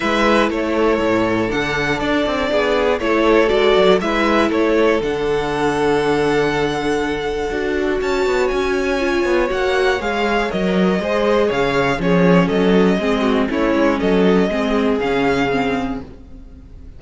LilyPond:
<<
  \new Staff \with { instrumentName = "violin" } { \time 4/4 \tempo 4 = 120 e''4 cis''2 fis''4 | d''2 cis''4 d''4 | e''4 cis''4 fis''2~ | fis''1 |
a''4 gis''2 fis''4 | f''4 dis''2 f''4 | cis''4 dis''2 cis''4 | dis''2 f''2 | }
  \new Staff \with { instrumentName = "violin" } { \time 4/4 b'4 a'2.~ | a'4 gis'4 a'2 | b'4 a'2.~ | a'1 |
cis''1~ | cis''2 c''4 cis''4 | gis'4 a'4 gis'8 fis'8 e'4 | a'4 gis'2. | }
  \new Staff \with { instrumentName = "viola" } { \time 4/4 e'2. d'4~ | d'2 e'4 fis'4 | e'2 d'2~ | d'2. fis'4~ |
fis'2 f'4 fis'4 | gis'4 ais'4 gis'2 | cis'2 c'4 cis'4~ | cis'4 c'4 cis'4 c'4 | }
  \new Staff \with { instrumentName = "cello" } { \time 4/4 gis4 a4 a,4 d4 | d'8 c'8 b4 a4 gis8 fis8 | gis4 a4 d2~ | d2. d'4 |
cis'8 b8 cis'4. b8 ais4 | gis4 fis4 gis4 cis4 | f4 fis4 gis4 a8 gis8 | fis4 gis4 cis2 | }
>>